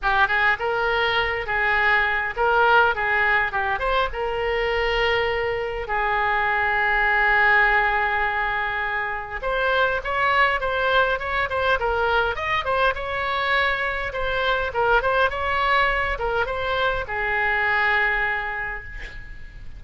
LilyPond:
\new Staff \with { instrumentName = "oboe" } { \time 4/4 \tempo 4 = 102 g'8 gis'8 ais'4. gis'4. | ais'4 gis'4 g'8 c''8 ais'4~ | ais'2 gis'2~ | gis'1 |
c''4 cis''4 c''4 cis''8 c''8 | ais'4 dis''8 c''8 cis''2 | c''4 ais'8 c''8 cis''4. ais'8 | c''4 gis'2. | }